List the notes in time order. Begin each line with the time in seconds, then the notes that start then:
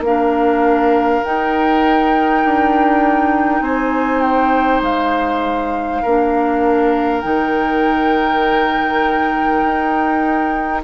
0.00 A#3 D4 F5
0.07 A#4
1.24 D#4 G5
2.44 D4
3.60 C4 C5 G#5
4.21 G5
4.81 G#3 F5
6.02 A#3 D4 A#4
7.21 D#3 D#4 G5
9.63 D#4